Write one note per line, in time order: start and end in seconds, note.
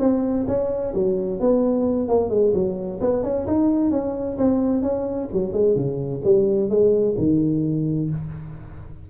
0.00 0.46 C4
0.48 0.94 C#4
0.95 1.40 F#3
1.40 2.09 B3
2.09 2.30 A#3
2.30 2.53 G#3
2.54 3.00 F#3
3.01 3.24 B3
3.24 3.47 C#4
3.47 3.91 D#4
3.91 4.37 C#4
4.38 4.83 C4
4.83 5.29 C#4
5.33 5.53 F#3
5.53 5.76 G#3
5.76 6.22 C#3
6.25 6.70 G3
6.70 7.16 G#3
7.18 8.10 D#3